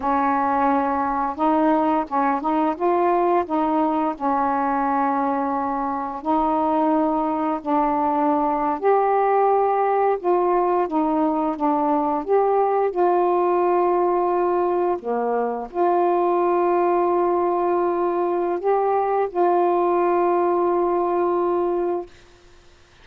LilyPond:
\new Staff \with { instrumentName = "saxophone" } { \time 4/4 \tempo 4 = 87 cis'2 dis'4 cis'8 dis'8 | f'4 dis'4 cis'2~ | cis'4 dis'2 d'4~ | d'8. g'2 f'4 dis'16~ |
dis'8. d'4 g'4 f'4~ f'16~ | f'4.~ f'16 ais4 f'4~ f'16~ | f'2. g'4 | f'1 | }